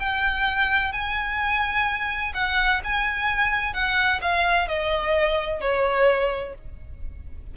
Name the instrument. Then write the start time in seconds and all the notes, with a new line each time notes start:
violin
0.00 G5
0.93 G#5
2.34 F#5
2.84 G#5
3.74 F#5
4.22 F5
4.68 D#5
5.61 C#5